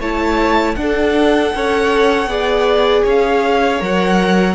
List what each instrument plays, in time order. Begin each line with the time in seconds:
0.00 cello A3, viola E4, violin C#5 A5
0.75 viola D4, cello D4, violin F#5
0.82 violin A4
1.55 cello C#4, viola A4, violin C#5
2.27 cello B3, viola G#4, violin D5
3.04 cello C#4, violin C#5 F5
3.79 cello F#3, viola A#4, violin F#5